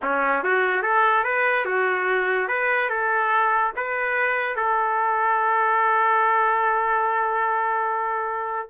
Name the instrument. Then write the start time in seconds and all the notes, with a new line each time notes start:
trumpet
0.02 C#4
0.43 F#4
0.82 A4
1.24 B4
1.65 F#4
2.48 B4
2.89 A4
3.75 B4
4.56 A4